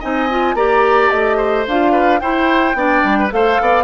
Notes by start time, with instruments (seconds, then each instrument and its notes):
0.00 bassoon C4, clarinet D#4, oboe D#5, flute G#5
0.30 clarinet F4
0.54 bassoon A#3, clarinet G4, oboe D5, flute A#5
1.10 bassoon A3, flute D#5
1.37 oboe C5
1.67 bassoon D4, clarinet F4, flute F5
1.92 oboe B4
2.20 clarinet E4, bassoon E4, oboe C5, flute G5
2.74 bassoon B3, clarinet D4, oboe D5
3.04 bassoon G3
3.19 oboe B4
3.30 bassoon A3, clarinet A4, oboe C5, flute F5
3.60 bassoon B3, oboe D5